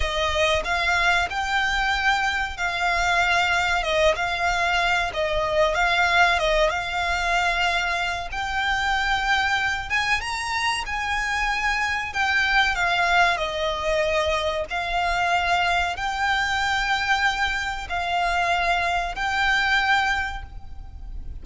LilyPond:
\new Staff \with { instrumentName = "violin" } { \time 4/4 \tempo 4 = 94 dis''4 f''4 g''2 | f''2 dis''8 f''4. | dis''4 f''4 dis''8 f''4.~ | f''4 g''2~ g''8 gis''8 |
ais''4 gis''2 g''4 | f''4 dis''2 f''4~ | f''4 g''2. | f''2 g''2 | }